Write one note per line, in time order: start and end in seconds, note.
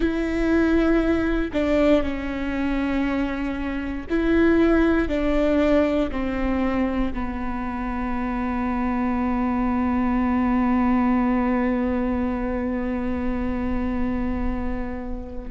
0.00 1.51 E4
1.53 2.03 D4
2.03 4.06 C#4
4.09 5.08 E4
5.08 6.10 D4
6.11 7.12 C4
7.13 15.50 B3